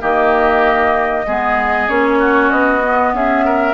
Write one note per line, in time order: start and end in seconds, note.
0.00 1.26 D#3
0.00 1.25 A#3
0.00 1.26 G4
0.00 1.89 D#5
1.26 1.88 G#3
1.26 1.88 B3
1.26 2.19 G#4
1.88 2.51 A#3
1.88 2.81 C#4
1.88 2.51 C#5
2.19 3.12 F#4
2.51 3.12 B3
2.51 3.13 D#5
2.81 3.74 B3
3.12 3.74 C#4
3.12 3.45 G#4
3.12 3.74 E5
3.45 3.74 A#4